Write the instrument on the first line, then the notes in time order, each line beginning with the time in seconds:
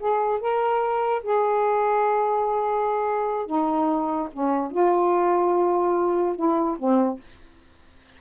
saxophone
0.00 G#4
0.41 A#4
1.23 G#4
3.47 D#4
4.33 C#4
4.72 F4
6.36 E4
6.79 C4